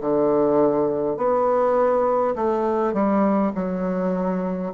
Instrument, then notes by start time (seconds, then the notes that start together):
bassoon
0.00 D3
1.17 B3
2.35 A3
2.93 G3
3.55 F#3